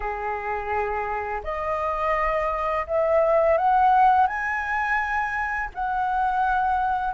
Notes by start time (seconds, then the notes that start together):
0.00 G#4
1.43 D#5
2.86 E5
3.57 F#5
4.26 G#5
5.74 F#5